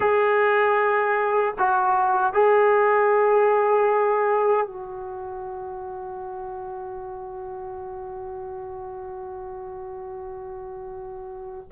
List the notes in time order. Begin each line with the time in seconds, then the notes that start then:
0.00 G#4
1.58 F#4
2.33 G#4
4.66 F#4